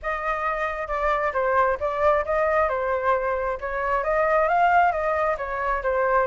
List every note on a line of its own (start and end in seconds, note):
0.02 0.87 D#5
0.87 1.32 D5
1.33 1.77 C5
1.80 2.24 D5
2.25 2.68 D#5
2.68 3.58 C5
3.60 4.03 C#5
4.03 4.48 D#5
4.48 4.91 F5
4.91 5.36 D#5
5.37 5.82 C#5
5.82 6.26 C5